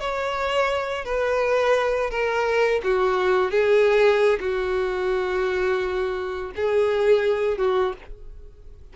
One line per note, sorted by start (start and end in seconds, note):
0.00 1.05 C#5
1.05 2.11 B4
2.11 2.81 A#4
2.84 3.51 F#4
3.51 4.39 G#4
4.40 6.52 F#4
6.56 7.58 G#4
7.58 7.93 F#4